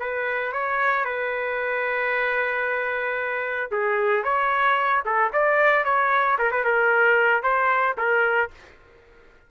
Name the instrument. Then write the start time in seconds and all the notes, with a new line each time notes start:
trumpet
0.00 B4
0.53 C#5
1.05 B4
3.72 G#4
4.24 C#5
5.06 A4
5.33 D5
5.85 C#5
6.39 A#4
6.52 B4
6.65 A#4
7.43 C5
7.98 A#4